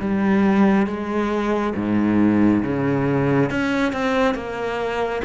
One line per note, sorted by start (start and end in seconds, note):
0.00 0.87 G3
0.87 1.74 G#3
1.75 2.62 G#2
2.63 3.50 C#3
3.51 3.93 C#4
3.93 4.35 C4
4.35 5.22 A#3